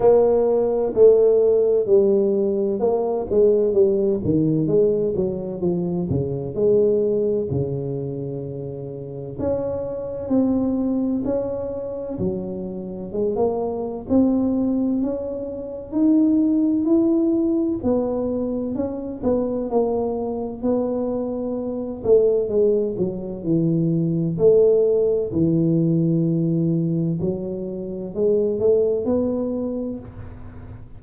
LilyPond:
\new Staff \with { instrumentName = "tuba" } { \time 4/4 \tempo 4 = 64 ais4 a4 g4 ais8 gis8 | g8 dis8 gis8 fis8 f8 cis8 gis4 | cis2 cis'4 c'4 | cis'4 fis4 gis16 ais8. c'4 |
cis'4 dis'4 e'4 b4 | cis'8 b8 ais4 b4. a8 | gis8 fis8 e4 a4 e4~ | e4 fis4 gis8 a8 b4 | }